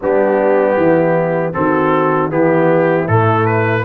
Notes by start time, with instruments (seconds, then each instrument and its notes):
0.01 tuba G3, trombone B3, horn D4, trumpet G4
0.76 tuba E3, horn E4
1.53 tuba D#3, trombone C4, horn F#4, trumpet A4
2.30 tuba E3, trombone B3, horn E4, trumpet G4
3.07 tuba A2, trombone A3, trumpet A4
3.46 trumpet B4